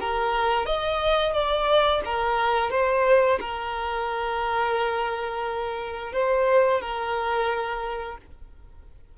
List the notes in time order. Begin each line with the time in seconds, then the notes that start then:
0.00 A#4
0.66 D#5
1.33 D5
2.05 A#4
2.71 C5
3.40 A#4
6.12 C5
6.81 A#4